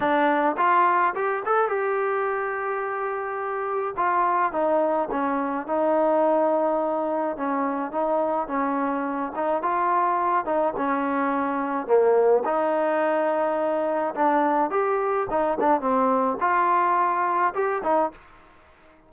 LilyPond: \new Staff \with { instrumentName = "trombone" } { \time 4/4 \tempo 4 = 106 d'4 f'4 g'8 a'8 g'4~ | g'2. f'4 | dis'4 cis'4 dis'2~ | dis'4 cis'4 dis'4 cis'4~ |
cis'8 dis'8 f'4. dis'8 cis'4~ | cis'4 ais4 dis'2~ | dis'4 d'4 g'4 dis'8 d'8 | c'4 f'2 g'8 dis'8 | }